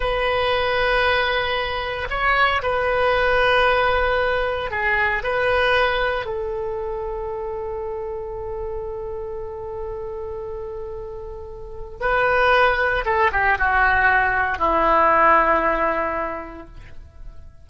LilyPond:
\new Staff \with { instrumentName = "oboe" } { \time 4/4 \tempo 4 = 115 b'1 | cis''4 b'2.~ | b'4 gis'4 b'2 | a'1~ |
a'1~ | a'2. b'4~ | b'4 a'8 g'8 fis'2 | e'1 | }